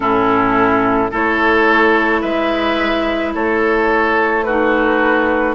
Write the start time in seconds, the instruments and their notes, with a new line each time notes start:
0.00 bassoon A2, clarinet C#4, oboe E4, flute A4
1.11 bassoon A3, clarinet E4, oboe A4, flute C#5
2.21 bassoon G#3, oboe B4, flute E5
3.34 bassoon A3, oboe A4, flute C#5
4.43 clarinet D#4, oboe F#4, flute B4